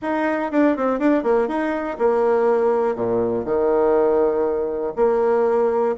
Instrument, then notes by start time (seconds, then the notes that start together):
bassoon
0.02 D#4
0.51 D4
0.76 C4
0.99 D4
1.23 A#3
1.48 D#4
1.98 A#3
2.95 A#2
3.44 D#3
4.96 A#3